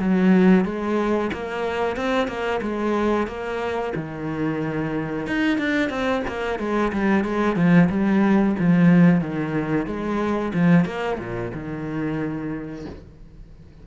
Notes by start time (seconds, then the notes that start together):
0.00 F#3
0.65 G#3
1.33 A#3
1.97 C4
2.28 A#3
2.62 G#3
3.28 A#3
3.96 D#3
5.27 D#4
5.58 D4
5.90 C4
6.28 A#3
6.60 G#3
6.93 G3
7.25 G#3
7.56 F3
7.90 G3
8.60 F3
9.21 D#3
9.87 G#3
10.54 F3
10.86 A#3
11.19 A#2
11.54 D#3